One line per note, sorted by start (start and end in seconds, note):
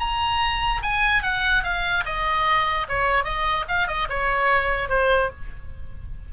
0.00 0.82 A#5
0.83 1.23 G#5
1.23 1.64 F#5
1.64 2.04 F5
2.06 2.87 D#5
2.89 3.24 C#5
3.24 3.65 D#5
3.69 3.88 F5
3.88 4.08 D#5
4.10 4.89 C#5
4.89 5.30 C5